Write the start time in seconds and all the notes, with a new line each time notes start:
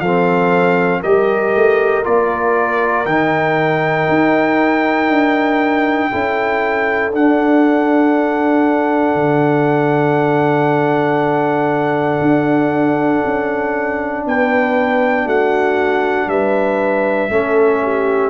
0.00 F3 C4 A4 F5
1.01 G3 G4 A#4 D#5
1.55 A3
2.04 A#3 F4 D5
3.06 D#3 D#4 G5
4.09 D#4
5.10 D4
6.11 C#4 E4 A4
7.13 D4 F#5
9.15 D3
12.22 D4
13.25 C#4
14.26 B3 B4 G5
15.26 A3 F#4 F#5
16.28 G3 B4 E5
17.30 A3 C#4 A4
17.83 G4